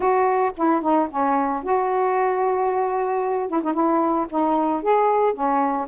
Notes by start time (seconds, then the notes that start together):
0.00 F#4
0.56 E4
0.81 D#4
1.10 C#4
1.63 F#4
3.48 E4
3.63 D#4
3.73 E4
4.29 D#4
4.82 G#4
5.33 C#4